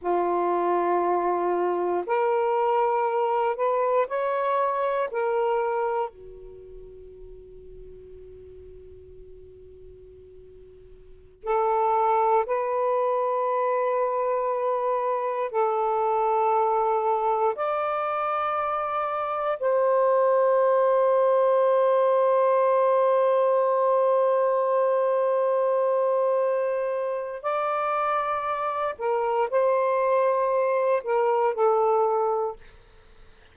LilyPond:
\new Staff \with { instrumentName = "saxophone" } { \time 4/4 \tempo 4 = 59 f'2 ais'4. b'8 | cis''4 ais'4 fis'2~ | fis'2.~ fis'16 a'8.~ | a'16 b'2. a'8.~ |
a'4~ a'16 d''2 c''8.~ | c''1~ | c''2. d''4~ | d''8 ais'8 c''4. ais'8 a'4 | }